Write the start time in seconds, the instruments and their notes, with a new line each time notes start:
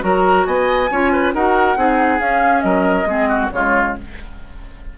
0.00 bassoon F#3, clarinet F#4, oboe A#4, flute A#5
0.46 bassoon B3, oboe D#5, flute G#5
0.90 bassoon C#4, clarinet F4, oboe C#5
1.12 oboe B4
1.33 bassoon D#4, clarinet F#4, oboe A#4, flute F#5
1.76 bassoon C4, clarinet D#4, oboe G#4
2.19 clarinet C#4, bassoon C#4, flute F5
2.60 bassoon F#3, oboe A#4, flute D#5
3.05 bassoon G#3, clarinet C4, oboe G#4
3.28 oboe F#4
3.52 bassoon C#3, clarinet G#3, oboe F4, flute C#5